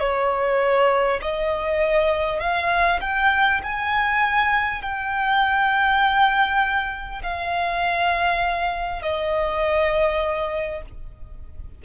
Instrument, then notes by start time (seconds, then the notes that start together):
violin
0.00 C#5
1.22 D#5
2.41 F5
3.01 G5
3.63 G#5
4.83 G5
7.23 F5
9.02 D#5